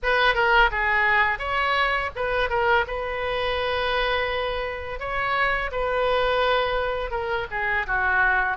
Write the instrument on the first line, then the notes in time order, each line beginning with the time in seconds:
oboe
0.02 B4
0.34 A#4
0.71 G#4
1.39 C#5
2.15 B4
2.49 A#4
2.87 B4
4.99 C#5
5.71 B4
7.10 A#4
7.50 G#4
7.86 F#4